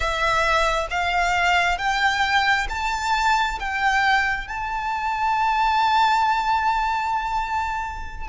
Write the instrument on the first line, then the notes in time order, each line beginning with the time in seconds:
violin
0.00 E5
0.90 F5
1.77 G5
2.69 A5
3.59 G5
4.47 A5